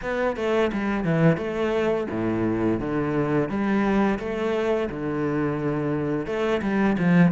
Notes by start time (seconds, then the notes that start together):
0.02 B3
0.36 A3
0.72 G3
1.04 E3
1.37 A3
2.10 A2
2.80 D3
3.49 G3
4.19 A3
4.90 D3
6.26 A3
6.62 G3
6.98 F3